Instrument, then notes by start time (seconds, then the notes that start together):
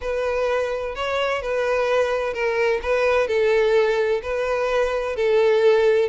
violin
0.01 B4
0.95 C#5
1.41 B4
2.33 A#4
2.82 B4
3.27 A4
4.22 B4
5.15 A4